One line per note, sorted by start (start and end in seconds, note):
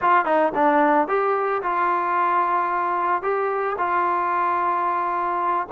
0.01 0.25 F4
0.25 0.52 D#4
0.54 1.07 D4
1.07 1.61 G4
1.62 3.22 F4
3.22 3.76 G4
3.78 5.67 F4